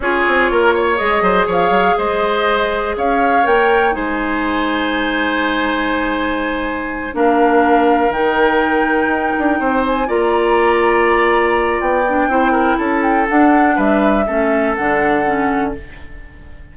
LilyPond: <<
  \new Staff \with { instrumentName = "flute" } { \time 4/4 \tempo 4 = 122 cis''2 dis''4 f''4 | dis''2 f''4 g''4 | gis''1~ | gis''2~ gis''8 f''4.~ |
f''8 g''2.~ g''8 | gis''8 ais''2.~ ais''8 | g''2 a''8 g''8 fis''4 | e''2 fis''2 | }
  \new Staff \with { instrumentName = "oboe" } { \time 4/4 gis'4 ais'8 cis''4 c''8 cis''4 | c''2 cis''2 | c''1~ | c''2~ c''8 ais'4.~ |
ais'2.~ ais'8 c''8~ | c''8 d''2.~ d''8~ | d''4 c''8 ais'8 a'2 | b'4 a'2. | }
  \new Staff \with { instrumentName = "clarinet" } { \time 4/4 f'2 gis'2~ | gis'2. ais'4 | dis'1~ | dis'2~ dis'8 d'4.~ |
d'8 dis'2.~ dis'8~ | dis'8 f'2.~ f'8~ | f'8 d'8 e'2 d'4~ | d'4 cis'4 d'4 cis'4 | }
  \new Staff \with { instrumentName = "bassoon" } { \time 4/4 cis'8 c'8 ais4 gis8 fis8 f8 fis8 | gis2 cis'4 ais4 | gis1~ | gis2~ gis8 ais4.~ |
ais8 dis2 dis'8 d'8 c'8~ | c'8 ais2.~ ais8 | b4 c'4 cis'4 d'4 | g4 a4 d2 | }
>>